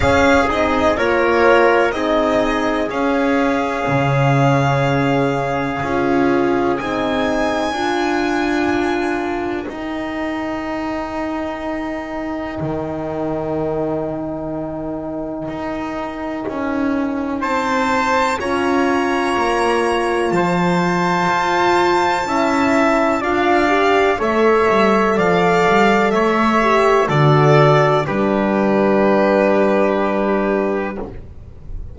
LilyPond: <<
  \new Staff \with { instrumentName = "violin" } { \time 4/4 \tempo 4 = 62 f''8 dis''8 cis''4 dis''4 f''4~ | f''2. gis''4~ | gis''2 g''2~ | g''1~ |
g''2 a''4 ais''4~ | ais''4 a''2. | f''4 e''4 f''4 e''4 | d''4 b'2. | }
  \new Staff \with { instrumentName = "trumpet" } { \time 4/4 gis'4 ais'4 gis'2~ | gis'1 | ais'1~ | ais'1~ |
ais'2 c''4 cis''4~ | cis''4 c''2 e''4 | d''4 cis''4 d''4 cis''4 | a'4 g'2. | }
  \new Staff \with { instrumentName = "horn" } { \time 4/4 cis'8 dis'8 f'4 dis'4 cis'4~ | cis'2 f'4 dis'4 | f'2 dis'2~ | dis'1~ |
dis'2. f'4~ | f'2. e'4 | f'8 g'8 a'2~ a'8 g'8 | fis'4 d'2. | }
  \new Staff \with { instrumentName = "double bass" } { \time 4/4 cis'8 c'8 ais4 c'4 cis'4 | cis2 cis'4 c'4 | d'2 dis'2~ | dis'4 dis2. |
dis'4 cis'4 c'4 cis'4 | ais4 f4 f'4 cis'4 | d'4 a8 g8 f8 g8 a4 | d4 g2. | }
>>